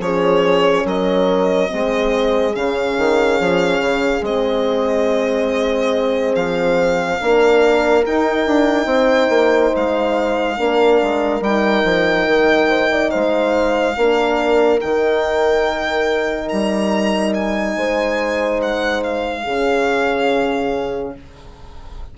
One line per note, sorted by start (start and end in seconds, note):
0.00 0.85 F3
0.00 1.69 C#4
0.00 0.86 G#4
0.00 0.87 C#5
0.85 1.70 F#3
0.85 1.70 A#4
0.85 2.56 D#5
1.69 2.56 G#3
1.69 2.53 C4
1.69 7.20 G#4
2.55 2.98 C#3
2.55 4.23 C#4
2.55 4.25 F5
2.98 3.40 D#3
3.40 3.80 F3
3.80 4.22 C#3
4.22 6.33 G#3
4.22 7.19 C4
4.22 6.35 D#5
6.35 7.20 F3
6.35 8.04 F5
7.20 8.06 A#3
7.20 8.06 D4
7.20 8.87 A#4
8.07 8.47 D#4
8.07 10.58 D#4
8.07 9.76 G5
8.47 8.86 D4
8.86 9.29 C4
8.86 10.56 C5
9.29 9.72 A#3
9.76 10.60 G#3
9.76 11.43 F5
10.57 11.02 A#3
10.57 11.41 D4
10.57 12.68 A#4
11.03 11.41 G#3
11.41 11.83 G3
11.41 13.95 D#4
11.41 13.11 G5
11.85 12.27 F3
12.27 13.11 D#3
12.69 12.90 C5
12.92 13.12 D5
13.11 13.97 G#3
13.11 13.97 C5
13.11 14.80 F5
13.97 14.82 A#3
13.97 14.82 D4
13.97 17.77 A#4
14.81 16.52 D#3
14.81 19.48 D#4
14.81 16.49 G5
16.49 17.77 G3
16.49 17.33 A#5
17.34 18.61 G#5
17.77 19.46 G#3
17.77 19.44 C5
18.62 19.04 F#5
19.04 21.15 F5
19.44 21.15 C#3
19.44 21.18 C#4
19.44 21.13 G#4